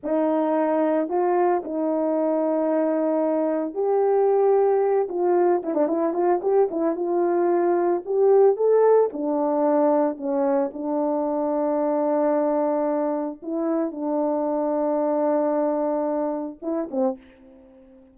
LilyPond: \new Staff \with { instrumentName = "horn" } { \time 4/4 \tempo 4 = 112 dis'2 f'4 dis'4~ | dis'2. g'4~ | g'4. f'4 e'16 d'16 e'8 f'8 | g'8 e'8 f'2 g'4 |
a'4 d'2 cis'4 | d'1~ | d'4 e'4 d'2~ | d'2. e'8 c'8 | }